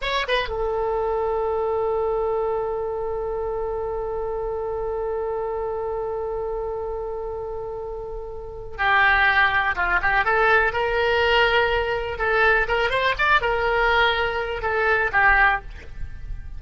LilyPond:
\new Staff \with { instrumentName = "oboe" } { \time 4/4 \tempo 4 = 123 cis''8 b'8 a'2.~ | a'1~ | a'1~ | a'1~ |
a'2 g'2 | f'8 g'8 a'4 ais'2~ | ais'4 a'4 ais'8 c''8 d''8 ais'8~ | ais'2 a'4 g'4 | }